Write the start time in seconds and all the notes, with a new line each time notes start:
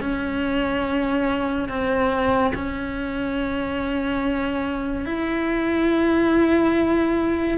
0.00 C#4
1.69 C4
2.55 C#4
5.06 E4